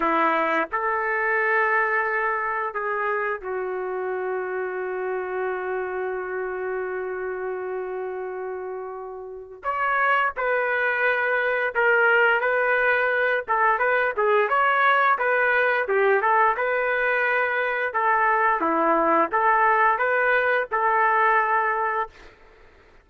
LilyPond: \new Staff \with { instrumentName = "trumpet" } { \time 4/4 \tempo 4 = 87 e'4 a'2. | gis'4 fis'2.~ | fis'1~ | fis'2 cis''4 b'4~ |
b'4 ais'4 b'4. a'8 | b'8 gis'8 cis''4 b'4 g'8 a'8 | b'2 a'4 e'4 | a'4 b'4 a'2 | }